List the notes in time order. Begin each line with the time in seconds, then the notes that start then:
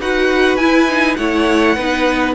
0.00 D#4 F#4 B4 F#5
0.57 E4 G#5
0.89 D#4
1.17 A3 E4 C#5 F#5
1.75 B3 D#4 B4